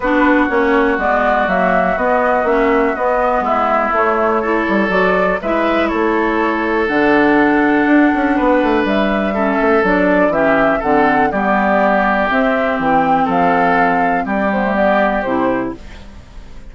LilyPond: <<
  \new Staff \with { instrumentName = "flute" } { \time 4/4 \tempo 4 = 122 b'4 cis''4 d''4 e''4 | dis''4 e''4 dis''4 e''4 | cis''2 d''4 e''4 | cis''2 fis''2~ |
fis''2 e''2 | d''4 e''4 fis''4 d''4~ | d''4 e''4 g''4 f''4~ | f''4 d''8 c''8 d''4 c''4 | }
  \new Staff \with { instrumentName = "oboe" } { \time 4/4 fis'1~ | fis'2. e'4~ | e'4 a'2 b'4 | a'1~ |
a'4 b'2 a'4~ | a'4 g'4 a'4 g'4~ | g'2. a'4~ | a'4 g'2. | }
  \new Staff \with { instrumentName = "clarinet" } { \time 4/4 d'4 cis'4 b4 ais4 | b4 cis'4 b2 | a4 e'4 fis'4 e'4~ | e'2 d'2~ |
d'2. cis'4 | d'4 cis'4 c'4 b4~ | b4 c'2.~ | c'4. b16 a16 b4 e'4 | }
  \new Staff \with { instrumentName = "bassoon" } { \time 4/4 b4 ais4 gis4 fis4 | b4 ais4 b4 gis4 | a4. g8 fis4 gis4 | a2 d2 |
d'8 cis'8 b8 a8 g4. a8 | fis4 e4 d4 g4~ | g4 c'4 e4 f4~ | f4 g2 c4 | }
>>